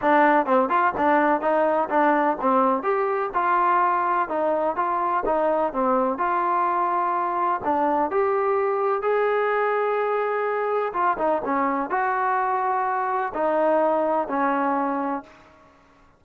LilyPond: \new Staff \with { instrumentName = "trombone" } { \time 4/4 \tempo 4 = 126 d'4 c'8 f'8 d'4 dis'4 | d'4 c'4 g'4 f'4~ | f'4 dis'4 f'4 dis'4 | c'4 f'2. |
d'4 g'2 gis'4~ | gis'2. f'8 dis'8 | cis'4 fis'2. | dis'2 cis'2 | }